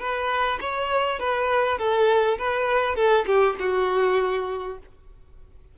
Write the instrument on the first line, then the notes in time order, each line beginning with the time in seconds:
violin
0.00 B4
0.61 C#5
1.20 B4
1.79 A4
2.39 B4
2.96 A4
3.27 G4
3.60 F#4